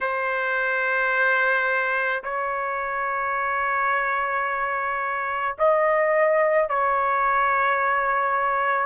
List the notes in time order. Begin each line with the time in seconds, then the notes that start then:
0.01 C5
2.23 C#5
5.58 D#5
6.69 C#5